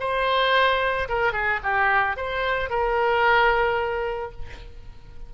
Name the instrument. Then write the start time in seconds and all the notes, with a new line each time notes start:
oboe
0.00 C5
1.09 A#4
1.33 G#4
1.63 G4
2.16 C5
2.70 A#4